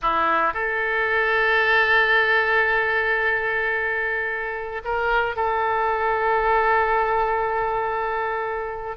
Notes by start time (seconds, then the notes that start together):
0.02 E4
0.53 A4
4.84 A#4
5.36 A4